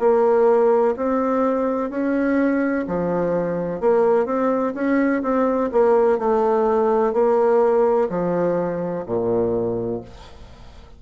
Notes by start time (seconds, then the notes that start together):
0.00 A#3
0.97 C4
1.90 C#4
2.88 F3
3.81 A#3
4.26 C4
4.74 C#4
5.23 C4
5.72 A#3
6.19 A3
7.14 A#3
8.10 F3
9.06 A#2